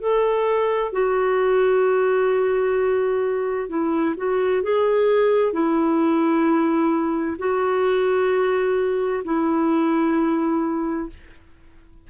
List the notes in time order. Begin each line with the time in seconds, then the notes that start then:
0.00 A4
0.92 F#4
3.68 E4
4.17 F#4
4.62 G#4
5.53 E4
7.38 F#4
9.24 E4